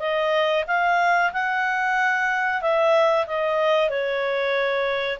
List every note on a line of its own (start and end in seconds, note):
0.00 0.65 D#5
0.68 1.32 F5
1.33 2.62 F#5
2.62 3.26 E5
3.27 3.90 D#5
3.90 5.19 C#5